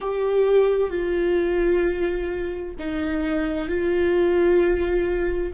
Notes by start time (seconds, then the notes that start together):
0.00 G4
0.90 F4
2.79 D#4
3.68 F4